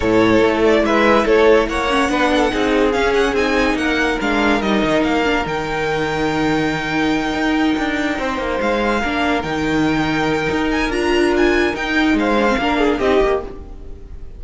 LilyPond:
<<
  \new Staff \with { instrumentName = "violin" } { \time 4/4 \tempo 4 = 143 cis''4. d''8 e''4 cis''4 | fis''2. f''8 fis''8 | gis''4 fis''4 f''4 dis''4 | f''4 g''2.~ |
g''1~ | g''8 f''2 g''4.~ | g''4. gis''8 ais''4 gis''4 | g''4 f''2 dis''4 | }
  \new Staff \with { instrumentName = "violin" } { \time 4/4 a'2 b'4 a'4 | cis''4 b'8 a'8 gis'2~ | gis'4 ais'2.~ | ais'1~ |
ais'2.~ ais'8 c''8~ | c''4. ais'2~ ais'8~ | ais'1~ | ais'4 c''4 ais'8 gis'8 g'4 | }
  \new Staff \with { instrumentName = "viola" } { \time 4/4 e'1~ | e'8 cis'8 d'4 dis'4 cis'4 | dis'2 d'4 dis'4~ | dis'8 d'8 dis'2.~ |
dis'1~ | dis'4. d'4 dis'4.~ | dis'2 f'2 | dis'4. d'16 c'16 d'4 dis'8 g'8 | }
  \new Staff \with { instrumentName = "cello" } { \time 4/4 a,4 a4 gis4 a4 | ais4 b4 c'4 cis'4 | c'4 ais4 gis4 g8 dis8 | ais4 dis2.~ |
dis4. dis'4 d'4 c'8 | ais8 gis4 ais4 dis4.~ | dis4 dis'4 d'2 | dis'4 gis4 ais4 c'8 ais8 | }
>>